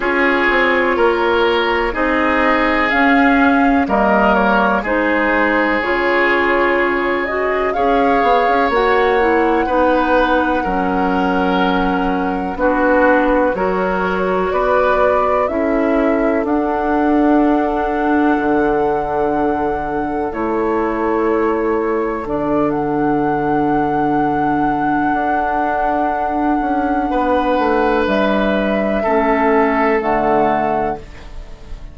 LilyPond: <<
  \new Staff \with { instrumentName = "flute" } { \time 4/4 \tempo 4 = 62 cis''2 dis''4 f''4 | dis''8 cis''8 c''4 cis''4. dis''8 | f''4 fis''2.~ | fis''4 b'4 cis''4 d''4 |
e''4 fis''2.~ | fis''4 cis''2 d''8 fis''8~ | fis''1~ | fis''4 e''2 fis''4 | }
  \new Staff \with { instrumentName = "oboe" } { \time 4/4 gis'4 ais'4 gis'2 | ais'4 gis'2. | cis''2 b'4 ais'4~ | ais'4 fis'4 ais'4 b'4 |
a'1~ | a'1~ | a'1 | b'2 a'2 | }
  \new Staff \with { instrumentName = "clarinet" } { \time 4/4 f'2 dis'4 cis'4 | ais4 dis'4 f'4. fis'8 | gis'4 fis'8 e'8 dis'4 cis'4~ | cis'4 d'4 fis'2 |
e'4 d'2.~ | d'4 e'2 d'4~ | d'1~ | d'2 cis'4 a4 | }
  \new Staff \with { instrumentName = "bassoon" } { \time 4/4 cis'8 c'8 ais4 c'4 cis'4 | g4 gis4 cis2 | cis'8 b16 cis'16 ais4 b4 fis4~ | fis4 b4 fis4 b4 |
cis'4 d'2 d4~ | d4 a2 d4~ | d2 d'4. cis'8 | b8 a8 g4 a4 d4 | }
>>